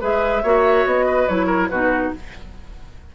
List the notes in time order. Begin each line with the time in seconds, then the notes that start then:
0.00 G#3 G#4 B4 E5
0.43 A#3 F#4 C#5
0.85 B3 D#5
1.05 B4
1.27 F#3 E4 C#5
1.46 A#4
1.68 B2 D#4 F#4 B4